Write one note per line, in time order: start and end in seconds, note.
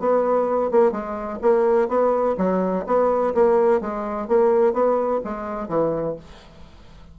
0.00 0.71 B3
0.71 0.92 A#3
0.92 1.39 G#3
1.42 1.89 A#3
1.89 2.36 B3
2.38 2.85 F#3
2.86 3.34 B3
3.35 3.81 A#3
3.81 4.28 G#3
4.28 4.74 A#3
4.74 5.21 B3
5.24 5.68 G#3
5.68 6.16 E3